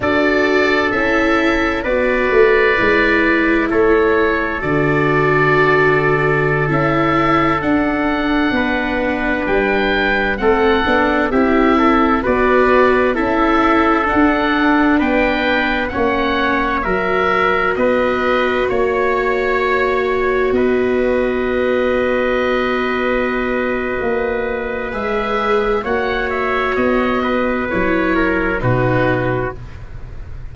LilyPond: <<
  \new Staff \with { instrumentName = "oboe" } { \time 4/4 \tempo 4 = 65 d''4 e''4 d''2 | cis''4 d''2~ d''16 e''8.~ | e''16 fis''2 g''4 fis''8.~ | fis''16 e''4 d''4 e''4 fis''8.~ |
fis''16 g''4 fis''4 e''4 dis''8.~ | dis''16 cis''2 dis''4.~ dis''16~ | dis''2. e''4 | fis''8 e''8 dis''4 cis''4 b'4 | }
  \new Staff \with { instrumentName = "trumpet" } { \time 4/4 a'2 b'2 | a'1~ | a'4~ a'16 b'2 a'8.~ | a'16 g'8 a'8 b'4 a'4.~ a'16~ |
a'16 b'4 cis''4 ais'4 b'8.~ | b'16 cis''2 b'4.~ b'16~ | b'1 | cis''4. b'4 ais'8 fis'4 | }
  \new Staff \with { instrumentName = "viola" } { \time 4/4 fis'4 e'4 fis'4 e'4~ | e'4 fis'2~ fis'16 e'8.~ | e'16 d'2. c'8 d'16~ | d'16 e'4 fis'4 e'4 d'8.~ |
d'4~ d'16 cis'4 fis'4.~ fis'16~ | fis'1~ | fis'2. gis'4 | fis'2 e'4 dis'4 | }
  \new Staff \with { instrumentName = "tuba" } { \time 4/4 d'4 cis'4 b8 a8 gis4 | a4 d2~ d16 cis'8.~ | cis'16 d'4 b4 g4 a8 b16~ | b16 c'4 b4 cis'4 d'8.~ |
d'16 b4 ais4 fis4 b8.~ | b16 ais2 b4.~ b16~ | b2 ais4 gis4 | ais4 b4 fis4 b,4 | }
>>